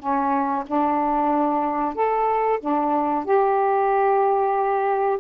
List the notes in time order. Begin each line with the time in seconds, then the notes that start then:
0.00 C#4
0.67 D4
1.95 A4
2.60 D4
3.25 G4